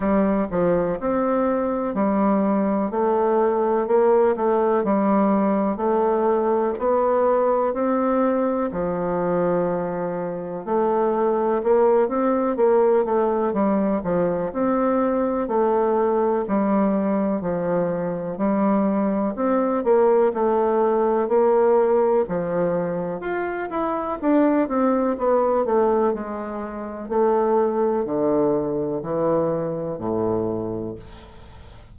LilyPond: \new Staff \with { instrumentName = "bassoon" } { \time 4/4 \tempo 4 = 62 g8 f8 c'4 g4 a4 | ais8 a8 g4 a4 b4 | c'4 f2 a4 | ais8 c'8 ais8 a8 g8 f8 c'4 |
a4 g4 f4 g4 | c'8 ais8 a4 ais4 f4 | f'8 e'8 d'8 c'8 b8 a8 gis4 | a4 d4 e4 a,4 | }